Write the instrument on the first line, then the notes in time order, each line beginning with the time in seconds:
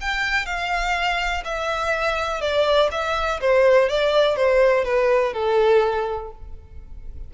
violin
0.00 G5
0.45 F5
1.44 E5
2.40 D5
2.91 E5
3.40 C5
3.88 D5
4.36 C5
4.84 B4
5.33 A4